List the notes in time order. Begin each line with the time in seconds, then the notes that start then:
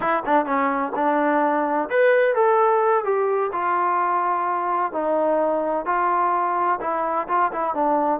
0.00 E4
0.25 D4
0.45 C#4
0.95 D4
1.89 B4
2.35 A4
3.04 G4
3.52 F4
4.92 D#4
5.85 F4
6.81 E4
7.28 F4
7.52 E4
7.74 D4